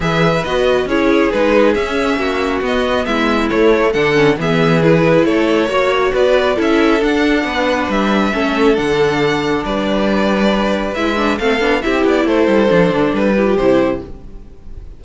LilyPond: <<
  \new Staff \with { instrumentName = "violin" } { \time 4/4 \tempo 4 = 137 e''4 dis''4 cis''4 b'4 | e''2 dis''4 e''4 | cis''4 fis''4 e''4 b'4 | cis''2 d''4 e''4 |
fis''2 e''2 | fis''2 d''2~ | d''4 e''4 f''4 e''8 d''8 | c''2 b'4 c''4 | }
  \new Staff \with { instrumentName = "violin" } { \time 4/4 b'2 gis'2~ | gis'4 fis'2 e'4~ | e'4 a'4 gis'2 | a'4 cis''4 b'4 a'4~ |
a'4 b'2 a'4~ | a'2 b'2~ | b'2 a'4 g'4 | a'2~ a'8 g'4. | }
  \new Staff \with { instrumentName = "viola" } { \time 4/4 gis'4 fis'4 e'4 dis'4 | cis'2 b2 | a4 d'8 cis'8 b4 e'4~ | e'4 fis'2 e'4 |
d'2. cis'4 | d'1~ | d'4 e'8 d'8 c'8 d'8 e'4~ | e'4 d'4. e'16 f'16 e'4 | }
  \new Staff \with { instrumentName = "cello" } { \time 4/4 e4 b4 cis'4 gis4 | cis'4 ais4 b4 gis4 | a4 d4 e2 | a4 ais4 b4 cis'4 |
d'4 b4 g4 a4 | d2 g2~ | g4 gis4 a8 b8 c'8 b8 | a8 g8 f8 d8 g4 c4 | }
>>